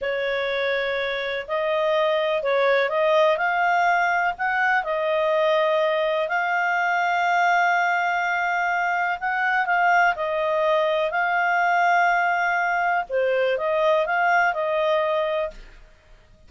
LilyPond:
\new Staff \with { instrumentName = "clarinet" } { \time 4/4 \tempo 4 = 124 cis''2. dis''4~ | dis''4 cis''4 dis''4 f''4~ | f''4 fis''4 dis''2~ | dis''4 f''2.~ |
f''2. fis''4 | f''4 dis''2 f''4~ | f''2. c''4 | dis''4 f''4 dis''2 | }